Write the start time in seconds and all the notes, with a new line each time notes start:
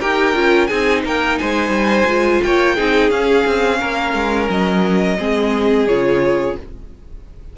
0.00 D#4 G4 A#4 G5
0.35 C#4 F4
0.67 C4 D#4 G#4 G#5
1.04 A#3 A#4 G5
1.38 G#3 C5 G#5
1.69 G3
2.06 G#3 F4
2.43 A#3 C#5 G5
2.75 C4 D#4 G#4
3.10 C#4 F5
3.46 C4
3.80 A#3 A#4
4.14 G#3
4.50 F#3 D#5
5.18 G#3 C4 G#4
5.87 C#3 F4 C#5